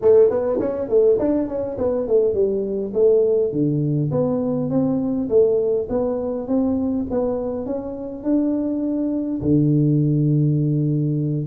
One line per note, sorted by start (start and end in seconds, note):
0.01 0.29 A3
0.29 0.59 B3
0.59 0.88 C#4
0.88 1.18 A3
1.18 1.48 D4
1.48 1.77 C#4
1.78 2.07 B3
2.07 2.33 A3
2.33 2.92 G3
2.93 3.52 A3
3.52 4.10 D3
4.11 4.70 B3
4.70 5.28 C4
5.29 5.88 A3
5.89 6.47 B3
6.47 7.06 C4
7.10 7.66 B3
7.66 8.23 C#4
8.23 9.41 D4
9.41 11.46 D3